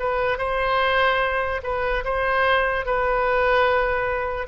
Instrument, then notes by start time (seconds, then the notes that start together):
oboe
0.00 B4
0.38 C5
1.63 B4
2.04 C5
2.86 B4